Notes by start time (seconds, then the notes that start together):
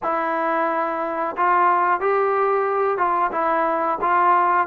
0.02 E4
1.36 F4
2.00 G4
2.97 F4
3.32 E4
4.01 F4